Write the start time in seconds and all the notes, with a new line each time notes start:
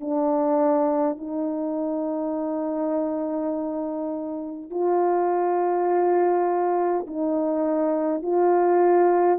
0.00 D4
1.17 D#4
4.70 F4
7.07 D#4
8.22 F4